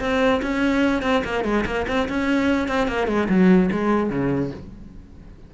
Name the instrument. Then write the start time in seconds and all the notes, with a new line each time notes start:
cello
0.00 C4
0.42 C#4
1.02 C4
1.24 A#3
1.44 G#3
1.66 A#3
1.88 C4
2.08 C#4
2.68 C4
2.88 A#3
3.07 G#3
3.29 F#3
3.72 G#3
4.10 C#3